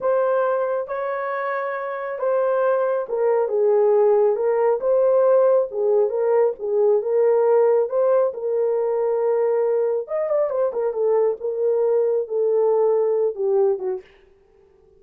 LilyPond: \new Staff \with { instrumentName = "horn" } { \time 4/4 \tempo 4 = 137 c''2 cis''2~ | cis''4 c''2 ais'4 | gis'2 ais'4 c''4~ | c''4 gis'4 ais'4 gis'4 |
ais'2 c''4 ais'4~ | ais'2. dis''8 d''8 | c''8 ais'8 a'4 ais'2 | a'2~ a'8 g'4 fis'8 | }